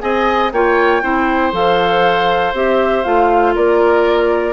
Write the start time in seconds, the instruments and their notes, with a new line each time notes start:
0.00 bassoon C4, clarinet G#4, oboe D#5, flute G#5
0.52 bassoon A#3, clarinet F4, oboe C#5, flute G5
1.02 bassoon C4, clarinet E4, oboe C5
1.52 bassoon F3, clarinet A4, flute F5
2.53 bassoon C4, clarinet G4, flute E5
3.04 bassoon A3, clarinet F4, flute F5
3.55 bassoon A#3, oboe A#4, flute D5